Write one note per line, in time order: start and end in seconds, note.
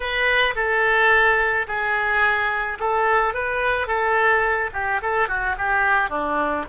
0.00 0.54 B4
0.55 1.66 A4
1.67 2.78 G#4
2.79 3.33 A4
3.33 3.87 B4
3.87 4.70 A4
4.73 5.01 G4
5.02 5.28 A4
5.28 5.56 F#4
5.58 6.09 G4
6.09 6.65 D4